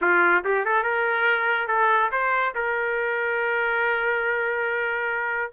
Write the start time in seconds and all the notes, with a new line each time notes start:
0.01 F4
0.44 G4
0.65 A4
0.83 A#4
1.67 A4
2.11 C5
2.55 A#4